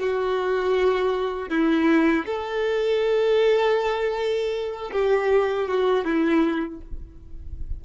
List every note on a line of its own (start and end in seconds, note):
0.00 1.50 F#4
1.50 2.26 E4
2.26 4.92 A4
4.92 5.68 G4
5.68 6.05 F#4
6.05 6.81 E4